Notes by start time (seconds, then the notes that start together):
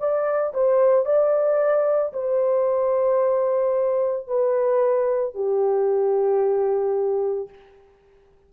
0.00 D5
0.54 C5
1.06 D5
2.13 C5
4.28 B4
5.35 G4